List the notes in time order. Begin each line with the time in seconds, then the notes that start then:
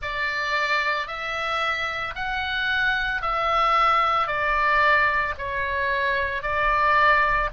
0.02 D5
1.07 E5
2.15 F#5
3.21 E5
4.27 D5
5.38 C#5
6.42 D5